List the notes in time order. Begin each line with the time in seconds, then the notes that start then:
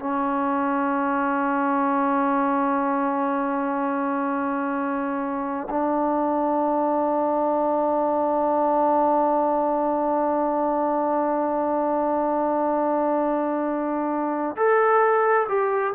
0.00 C#4
5.70 D4
14.56 A4
15.48 G4